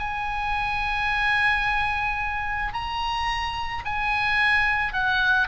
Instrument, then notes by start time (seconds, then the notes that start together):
oboe
0.00 G#5
2.74 A#5
3.85 G#5
4.93 F#5